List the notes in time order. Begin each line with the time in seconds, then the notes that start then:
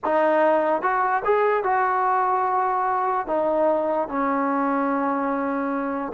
0.04 D#4
0.82 F#4
1.24 G#4
1.63 F#4
3.26 D#4
4.08 C#4